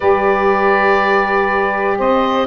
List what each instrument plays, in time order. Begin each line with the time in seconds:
0.00 tuba G3, saxophone G4 B4, oboe D5
1.97 tuba C4, saxophone C5, oboe D#5